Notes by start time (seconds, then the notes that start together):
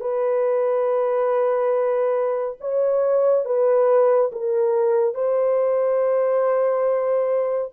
0.00 B4
2.60 C#5
3.45 B4
4.32 A#4
5.14 C5